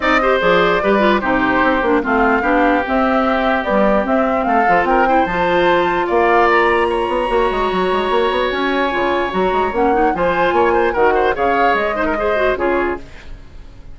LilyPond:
<<
  \new Staff \with { instrumentName = "flute" } { \time 4/4 \tempo 4 = 148 dis''4 d''2 c''4~ | c''4 f''2 e''4~ | e''4 d''4 e''4 f''4 | g''4 a''2 f''4 |
ais''1~ | ais''4 gis''2 ais''4 | fis''4 gis''2 fis''4 | f''4 dis''2 cis''4 | }
  \new Staff \with { instrumentName = "oboe" } { \time 4/4 d''8 c''4. b'4 g'4~ | g'4 f'4 g'2~ | g'2. a'4 | ais'8 c''2~ c''8 d''4~ |
d''4 cis''2.~ | cis''1~ | cis''4 c''4 cis''8 c''8 ais'8 c''8 | cis''4. c''16 ais'16 c''4 gis'4 | }
  \new Staff \with { instrumentName = "clarinet" } { \time 4/4 dis'8 g'8 gis'4 g'8 f'8 dis'4~ | dis'8 d'8 c'4 d'4 c'4~ | c'4 g4 c'4. f'8~ | f'8 e'8 f'2.~ |
f'2 fis'2~ | fis'2 f'4 fis'4 | cis'8 dis'8 f'2 fis'4 | gis'4. dis'8 gis'8 fis'8 f'4 | }
  \new Staff \with { instrumentName = "bassoon" } { \time 4/4 c'4 f4 g4 c4 | c'8 ais8 a4 b4 c'4~ | c'4 b4 c'4 a8 f8 | c'4 f2 ais4~ |
ais4. b8 ais8 gis8 fis8 gis8 | ais8 b8 cis'4 cis4 fis8 gis8 | ais4 f4 ais4 dis4 | cis4 gis2 cis4 | }
>>